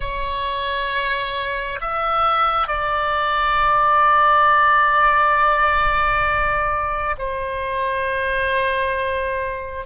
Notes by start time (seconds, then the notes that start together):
0.00 C#5
1.81 E5
2.67 D5
7.18 C5